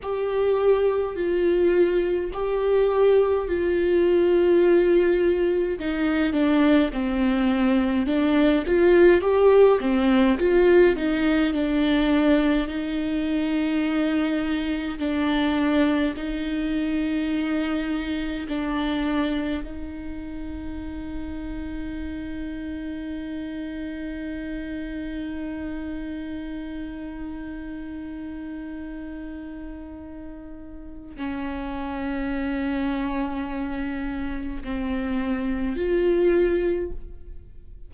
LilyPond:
\new Staff \with { instrumentName = "viola" } { \time 4/4 \tempo 4 = 52 g'4 f'4 g'4 f'4~ | f'4 dis'8 d'8 c'4 d'8 f'8 | g'8 c'8 f'8 dis'8 d'4 dis'4~ | dis'4 d'4 dis'2 |
d'4 dis'2.~ | dis'1~ | dis'2. cis'4~ | cis'2 c'4 f'4 | }